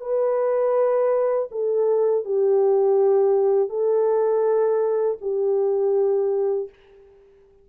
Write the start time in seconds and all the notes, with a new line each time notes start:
0.00 B4
1.51 A4
2.25 G4
3.69 A4
5.21 G4